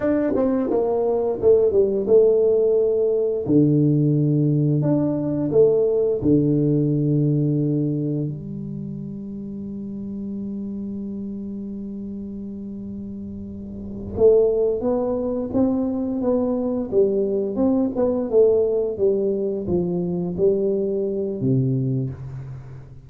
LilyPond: \new Staff \with { instrumentName = "tuba" } { \time 4/4 \tempo 4 = 87 d'8 c'8 ais4 a8 g8 a4~ | a4 d2 d'4 | a4 d2. | g1~ |
g1~ | g8 a4 b4 c'4 b8~ | b8 g4 c'8 b8 a4 g8~ | g8 f4 g4. c4 | }